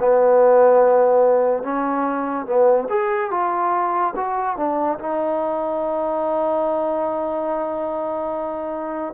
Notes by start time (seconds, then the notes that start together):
0.00 B3
1.63 C#4
2.47 B3
2.90 G#4
3.31 F4
4.17 F#4
4.57 D4
4.99 D#4